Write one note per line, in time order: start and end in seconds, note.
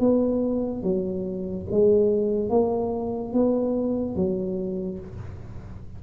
0.00 0.82 B3
0.82 1.66 F#3
1.70 2.49 G#3
2.49 3.33 A#3
3.33 4.15 B3
4.15 4.98 F#3